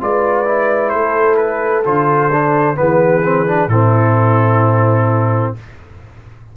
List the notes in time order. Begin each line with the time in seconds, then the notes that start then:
0.00 G#3 F4 B4 D5
0.45 E4
0.89 A3 A4 C5
1.36 B4
1.84 D3 F4 C5
2.32 D4
2.75 E3 B3 G#4 B4
3.22 C4
3.46 D4
3.67 A2 C4 E4 A4